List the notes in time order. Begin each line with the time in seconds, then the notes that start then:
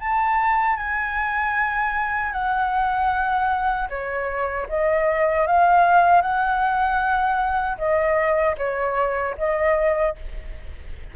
0.00 A5
0.77 G#5
2.33 F#5
3.89 C#5
4.69 D#5
5.47 F5
6.22 F#5
7.78 D#5
8.58 C#5
9.38 D#5